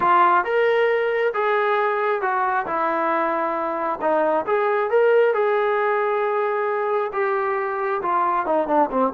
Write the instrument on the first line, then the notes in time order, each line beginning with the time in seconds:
trombone
0.00 F4
0.44 A#4
1.34 G#4
2.21 F#4
2.66 E4
4.01 D#4
4.46 G#4
4.90 A#4
5.33 G#4
7.13 G4
8.01 F4
8.46 D#4
8.67 D4
8.90 C4